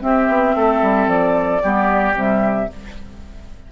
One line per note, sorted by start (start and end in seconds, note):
0.00 1.61 C4
0.00 0.28 C4
0.00 0.56 G4
0.00 1.09 E5
0.28 0.55 B3
0.56 0.82 A3
0.56 1.62 A4
0.82 1.07 G3
1.07 1.61 F3
1.07 2.16 D5
1.62 2.14 G3
1.62 2.14 B3
1.62 2.70 G4
2.14 2.68 C3
2.14 2.68 G3
2.14 2.72 E5